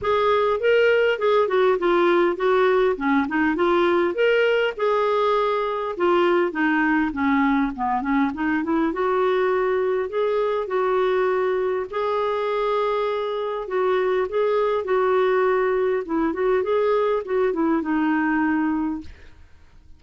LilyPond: \new Staff \with { instrumentName = "clarinet" } { \time 4/4 \tempo 4 = 101 gis'4 ais'4 gis'8 fis'8 f'4 | fis'4 cis'8 dis'8 f'4 ais'4 | gis'2 f'4 dis'4 | cis'4 b8 cis'8 dis'8 e'8 fis'4~ |
fis'4 gis'4 fis'2 | gis'2. fis'4 | gis'4 fis'2 e'8 fis'8 | gis'4 fis'8 e'8 dis'2 | }